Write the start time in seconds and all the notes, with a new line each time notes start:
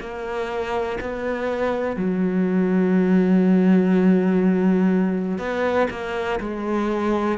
0.00 A#3
1.00 B3
1.96 F#3
5.38 B3
5.90 A#3
6.40 G#3